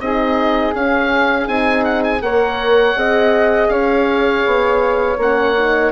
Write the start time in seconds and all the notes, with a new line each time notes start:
0.00 C4 D#4 G#4 D#5
0.74 C#4 F5
1.45 C4 D#4 G#5
1.84 F#5
2.04 G#5
2.21 A#3 A#4 C#5 F#5
2.96 C4 G#4 D#5
3.69 C#4 C#5 F5
4.46 B3
5.18 A#3 C#4 F#5
5.57 D#4